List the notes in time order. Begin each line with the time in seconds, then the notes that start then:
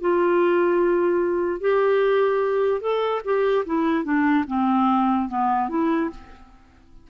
0.00 F4
1.60 G4
2.80 A4
3.24 G4
3.65 E4
4.04 D4
4.47 C4
5.28 B3
5.69 E4